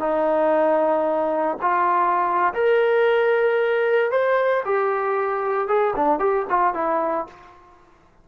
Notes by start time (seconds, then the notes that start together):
0.00 D#4
1.62 F4
2.54 A#4
4.11 C5
4.66 G4
5.68 G#4
5.96 D4
6.19 G4
6.50 F4
6.74 E4